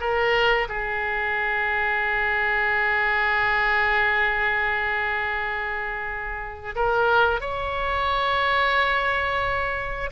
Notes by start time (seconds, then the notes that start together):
0.00 A#4
0.68 G#4
6.75 A#4
7.40 C#5